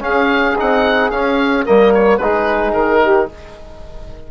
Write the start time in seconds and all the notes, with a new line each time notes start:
0.00 C#4 G#4 F5
0.58 C4 D#4 F#5
1.11 C#4 F5
1.65 G3 A#3 A#4 D#5
1.94 C#5
2.18 G#3 D#4 G#4 B4
2.74 D#3 A#4
3.02 G4